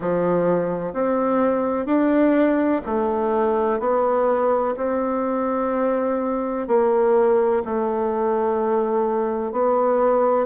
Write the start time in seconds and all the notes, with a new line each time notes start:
0.00 F3
0.93 C4
1.86 D4
2.86 A3
3.79 B3
4.77 C4
6.67 A#3
7.65 A3
9.52 B3